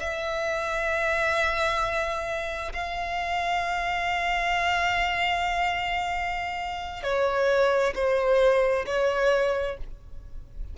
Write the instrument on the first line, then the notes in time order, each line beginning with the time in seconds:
violin
0.00 E5
2.73 F5
7.03 C#5
7.95 C5
8.86 C#5